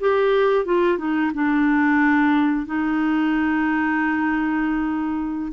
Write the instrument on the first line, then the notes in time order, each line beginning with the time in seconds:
clarinet
0.00 G4
0.65 F4
0.98 D#4
1.34 D4
2.66 D#4